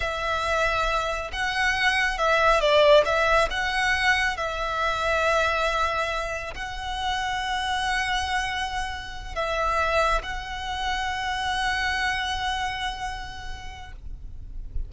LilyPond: \new Staff \with { instrumentName = "violin" } { \time 4/4 \tempo 4 = 138 e''2. fis''4~ | fis''4 e''4 d''4 e''4 | fis''2 e''2~ | e''2. fis''4~ |
fis''1~ | fis''4. e''2 fis''8~ | fis''1~ | fis''1 | }